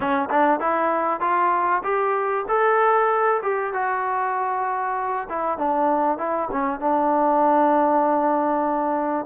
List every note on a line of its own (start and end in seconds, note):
0.00 0.28 C#4
0.30 0.60 D4
0.60 1.20 E4
1.20 1.82 F4
1.83 2.45 G4
2.48 3.41 A4
3.42 3.73 G4
3.73 5.27 F#4
5.29 5.58 E4
5.58 6.18 D4
6.18 6.49 E4
6.51 6.80 C#4
6.80 9.26 D4